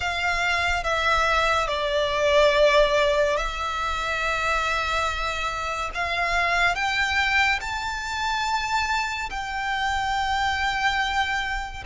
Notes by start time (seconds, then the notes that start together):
0.00 F5
0.83 E5
1.67 D5
3.36 E5
5.94 F5
6.75 G5
7.60 A5
9.30 G5